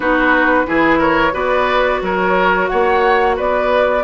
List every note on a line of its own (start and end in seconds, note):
0.00 0.64 B3
0.00 0.66 D#4
0.00 0.66 F#4
0.00 1.01 B4
0.66 1.33 E3
0.66 1.32 E4
0.66 0.98 G#4
0.98 1.32 A#4
0.98 1.34 C#5
1.32 2.01 B3
1.32 4.01 F#4
1.32 2.01 B4
1.32 2.02 D5
2.01 2.69 F#3
2.01 2.70 A#4
2.01 2.67 C#5
2.67 3.39 A#3
2.67 3.36 C#5
2.67 3.35 F#5
3.36 4.04 B3
3.36 4.04 B4
3.36 4.04 D5